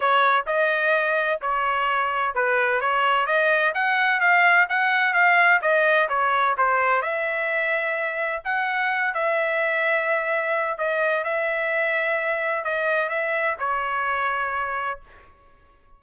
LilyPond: \new Staff \with { instrumentName = "trumpet" } { \time 4/4 \tempo 4 = 128 cis''4 dis''2 cis''4~ | cis''4 b'4 cis''4 dis''4 | fis''4 f''4 fis''4 f''4 | dis''4 cis''4 c''4 e''4~ |
e''2 fis''4. e''8~ | e''2. dis''4 | e''2. dis''4 | e''4 cis''2. | }